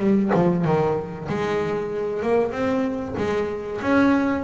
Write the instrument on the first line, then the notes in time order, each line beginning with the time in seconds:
double bass
0.00 G3
0.35 F3
0.65 D#3
1.29 G#3
2.23 A#3
2.52 C4
3.18 G#3
3.82 C#4